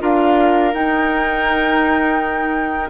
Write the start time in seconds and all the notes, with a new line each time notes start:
0.00 D4 F4 A#4 F5
0.74 D#4 G5